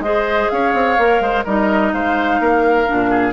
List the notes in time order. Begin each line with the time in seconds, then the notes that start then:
0.00 G#3 G#4 C5 D#5
0.50 C#4 C#5 F5
0.74 C4
0.99 A#3 A#4
1.21 G#3 C5
1.45 G3 D#4 A#4 D#5
1.94 G#3 C5 F5
2.40 A#3 A#4
2.87 A#2 D4
3.10 G#4